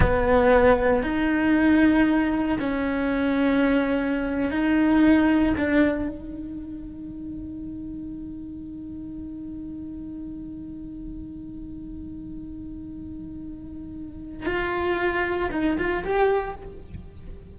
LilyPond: \new Staff \with { instrumentName = "cello" } { \time 4/4 \tempo 4 = 116 b2 dis'2~ | dis'4 cis'2.~ | cis'8. dis'2 d'4 dis'16~ | dis'1~ |
dis'1~ | dis'1~ | dis'1 | f'2 dis'8 f'8 g'4 | }